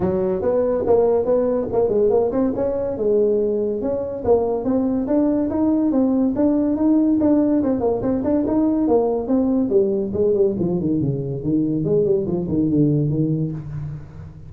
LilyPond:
\new Staff \with { instrumentName = "tuba" } { \time 4/4 \tempo 4 = 142 fis4 b4 ais4 b4 | ais8 gis8 ais8 c'8 cis'4 gis4~ | gis4 cis'4 ais4 c'4 | d'4 dis'4 c'4 d'4 |
dis'4 d'4 c'8 ais8 c'8 d'8 | dis'4 ais4 c'4 g4 | gis8 g8 f8 dis8 cis4 dis4 | gis8 g8 f8 dis8 d4 dis4 | }